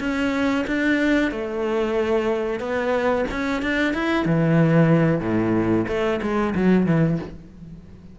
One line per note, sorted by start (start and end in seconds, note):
0.00 0.65 C#4
0.67 1.32 D4
1.32 2.60 A3
2.60 3.25 B3
3.31 3.63 C#4
3.63 3.94 D4
3.94 4.26 E4
4.26 5.21 E3
5.21 5.86 A2
5.88 6.21 A3
6.22 6.55 G#3
6.55 6.86 F#3
6.86 7.19 E3